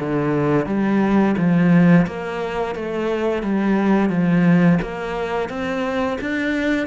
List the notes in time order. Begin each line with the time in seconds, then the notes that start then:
0.00 D3
0.66 G3
1.38 F3
2.07 A#3
2.76 A3
3.43 G3
4.10 F3
4.82 A#3
5.50 C4
6.21 D4